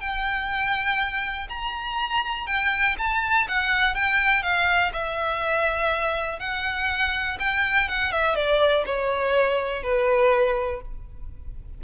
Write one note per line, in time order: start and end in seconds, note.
0.00 1.48 G5
1.49 2.46 A#5
2.46 2.96 G5
2.98 3.47 A5
3.48 3.94 F#5
3.94 4.42 G5
4.42 4.91 F5
4.93 6.39 E5
6.39 7.37 F#5
7.39 7.88 G5
7.88 8.11 F#5
8.11 8.35 E5
8.35 8.84 D5
8.86 9.83 C#5
9.83 10.81 B4